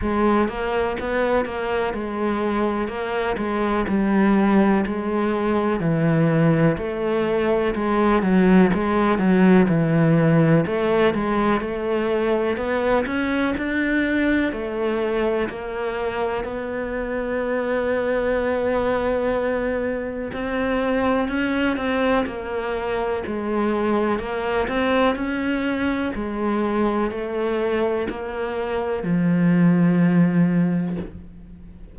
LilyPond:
\new Staff \with { instrumentName = "cello" } { \time 4/4 \tempo 4 = 62 gis8 ais8 b8 ais8 gis4 ais8 gis8 | g4 gis4 e4 a4 | gis8 fis8 gis8 fis8 e4 a8 gis8 | a4 b8 cis'8 d'4 a4 |
ais4 b2.~ | b4 c'4 cis'8 c'8 ais4 | gis4 ais8 c'8 cis'4 gis4 | a4 ais4 f2 | }